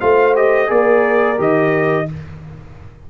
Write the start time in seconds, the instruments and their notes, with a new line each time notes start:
0.00 tuba A3, trombone F4, horn C5, trumpet F5
0.35 trombone G4, trumpet D#5
0.67 tuba A#3, trombone G#4, horn A#4, trumpet D5
1.36 tuba D#3, trombone G4, trumpet D#5